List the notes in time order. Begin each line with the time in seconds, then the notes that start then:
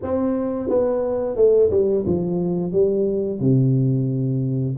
0.02 C4
0.69 B3
1.35 A3
1.70 G3
2.06 F3
2.72 G3
3.40 C3